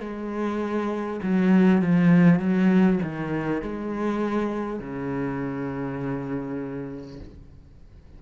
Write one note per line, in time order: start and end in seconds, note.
0.00 1.20 G#3
1.22 1.82 F#3
1.82 2.39 F3
2.39 2.99 F#3
3.02 3.62 D#3
3.62 4.79 G#3
4.79 7.19 C#3